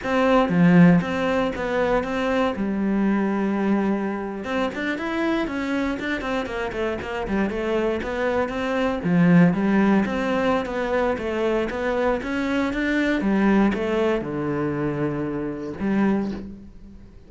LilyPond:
\new Staff \with { instrumentName = "cello" } { \time 4/4 \tempo 4 = 118 c'4 f4 c'4 b4 | c'4 g2.~ | g8. c'8 d'8 e'4 cis'4 d'16~ | d'16 c'8 ais8 a8 ais8 g8 a4 b16~ |
b8. c'4 f4 g4 c'16~ | c'4 b4 a4 b4 | cis'4 d'4 g4 a4 | d2. g4 | }